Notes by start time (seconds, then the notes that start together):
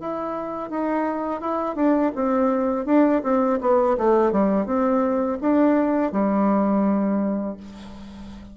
0.00 E4
0.70 D#4
1.41 E4
1.75 D4
2.15 C4
2.86 D4
3.23 C4
3.61 B3
3.98 A3
4.32 G3
4.66 C4
5.41 D4
6.12 G3